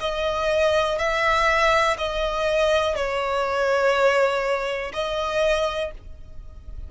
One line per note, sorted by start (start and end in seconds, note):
0.00 0.98 D#5
0.99 1.97 E5
1.98 2.96 D#5
2.96 4.92 C#5
4.93 5.92 D#5